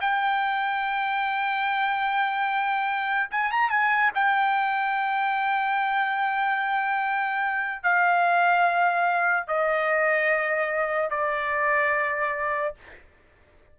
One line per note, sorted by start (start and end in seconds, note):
0.00 3.29 G5
3.30 3.51 G#5
3.51 3.69 A#5
3.69 4.10 G#5
4.14 7.83 G5
7.83 9.47 F5
9.47 11.10 D#5
11.10 12.74 D5